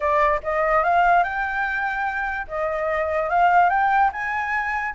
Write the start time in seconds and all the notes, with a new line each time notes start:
0.00 D5
0.43 D#5
0.83 F5
1.23 G5
2.47 D#5
3.29 F5
3.69 G5
4.12 G#5